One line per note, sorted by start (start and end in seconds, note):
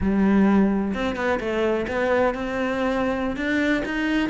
0.00 0.93 G3
0.94 1.15 C4
1.15 1.39 B3
1.40 1.86 A3
1.87 2.34 B3
2.34 3.36 C4
3.36 3.82 D4
3.85 4.29 D#4